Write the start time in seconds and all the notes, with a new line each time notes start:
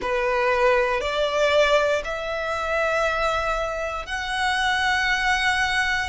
0.01 B4
1.00 D5
2.04 E5
4.06 F#5